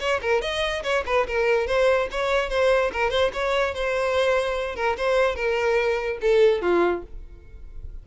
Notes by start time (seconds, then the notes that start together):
0.00 C#5
0.22 A#4
0.42 D#5
0.83 C#5
1.06 B4
1.27 A#4
1.67 C5
2.11 C#5
2.50 C5
2.93 A#4
3.11 C5
3.33 C#5
3.74 C5
4.76 A#4
4.97 C5
5.36 A#4
6.21 A4
6.62 F4